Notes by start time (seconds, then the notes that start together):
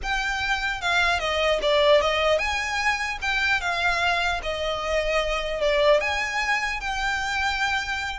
0.03 G5
0.81 F5
1.19 D#5
1.61 D5
2.01 D#5
2.38 G#5
3.21 G5
3.60 F5
4.43 D#5
5.60 D5
6.00 G#5
6.80 G5